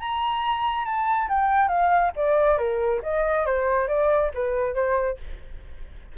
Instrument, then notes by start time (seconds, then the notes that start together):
flute
0.00 A#5
0.85 A5
1.29 G5
1.68 F5
2.16 D5
2.58 A#4
3.03 D#5
3.46 C5
3.88 D5
4.34 B4
4.74 C5